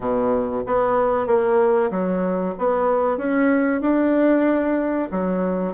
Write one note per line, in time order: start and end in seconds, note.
0.00 0.63 B2
0.66 1.26 B3
1.26 1.90 A#3
1.91 2.54 F#3
2.58 3.17 B3
3.17 3.81 C#4
3.81 5.09 D4
5.11 5.73 F#3